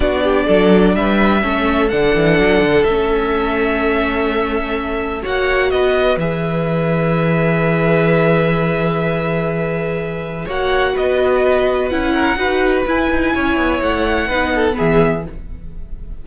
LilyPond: <<
  \new Staff \with { instrumentName = "violin" } { \time 4/4 \tempo 4 = 126 d''2 e''2 | fis''2 e''2~ | e''2. fis''4 | dis''4 e''2.~ |
e''1~ | e''2 fis''4 dis''4~ | dis''4 fis''2 gis''4~ | gis''4 fis''2 e''4 | }
  \new Staff \with { instrumentName = "violin" } { \time 4/4 fis'8 g'8 a'4 b'4 a'4~ | a'1~ | a'2. cis''4 | b'1~ |
b'1~ | b'2 cis''4 b'4~ | b'4. ais'8 b'2 | cis''2 b'8 a'8 gis'4 | }
  \new Staff \with { instrumentName = "viola" } { \time 4/4 d'2. cis'4 | d'2 cis'2~ | cis'2. fis'4~ | fis'4 gis'2.~ |
gis'1~ | gis'2 fis'2~ | fis'4 e'4 fis'4 e'4~ | e'2 dis'4 b4 | }
  \new Staff \with { instrumentName = "cello" } { \time 4/4 b4 fis4 g4 a4 | d8 e8 fis8 d8 a2~ | a2. ais4 | b4 e2.~ |
e1~ | e2 ais4 b4~ | b4 cis'4 dis'4 e'8 dis'8 | cis'8 b8 a4 b4 e4 | }
>>